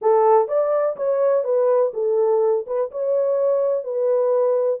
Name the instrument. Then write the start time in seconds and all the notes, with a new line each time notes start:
horn
0.01 A4
0.48 D5
0.96 C#5
1.44 B4
1.93 A4
2.66 B4
2.91 C#5
3.84 B4